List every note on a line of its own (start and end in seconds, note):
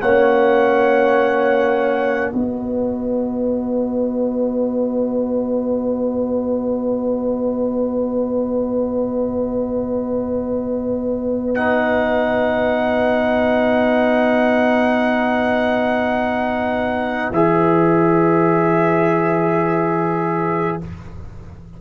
0.00 2.32 A#3
0.00 2.35 C#4
0.00 2.31 C#5
0.00 2.32 F#5
2.32 17.31 B3
2.32 11.56 F#4
2.32 20.79 B4
2.32 11.55 D#5
11.55 17.33 D#4
11.55 17.31 F#5
17.31 20.77 E3
17.31 20.81 G#4
17.31 20.79 E5